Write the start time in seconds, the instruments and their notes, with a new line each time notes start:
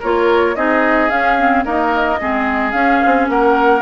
0.00 bassoon A#3, clarinet F4, oboe A#4, flute C#5
0.55 bassoon C4, clarinet D#4, oboe G#4, flute D#5
1.09 clarinet C#4, bassoon C#4, flute F5
1.38 clarinet C4
1.65 clarinet A#3, bassoon D#4, oboe A#4, flute D#5
2.20 bassoon G#3, clarinet C4, oboe G#4
2.71 clarinet C#4, bassoon C#4, flute F5
3.05 bassoon C4
3.28 bassoon A#3, oboe A#4, flute F#5